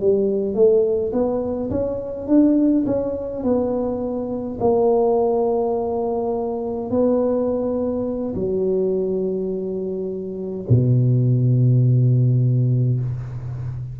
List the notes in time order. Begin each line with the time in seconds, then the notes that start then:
0.00 G3
0.54 A3
1.12 B3
1.70 C#4
2.27 D4
2.86 C#4
3.43 B3
4.60 A#3
6.90 B3
8.35 F#3
10.69 B2